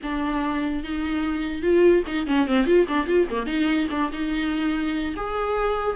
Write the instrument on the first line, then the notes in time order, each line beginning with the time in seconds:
viola
0.03 D4
0.83 D#4
1.62 F4
2.06 D#4
2.26 C#4
2.47 C4
2.66 F4
2.87 D4
3.07 F4
3.30 A#3
3.46 D#4
3.90 D4
4.12 D#4
5.16 G#4